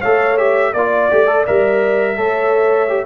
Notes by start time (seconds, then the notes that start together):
0.00 A3 A4 C#5 F5
0.38 G4 E5
0.73 A#3 F4 D5
1.11 A3 G4
1.27 A4
1.46 G3 A#4 E5
2.17 A3 A4 C#5
2.89 G4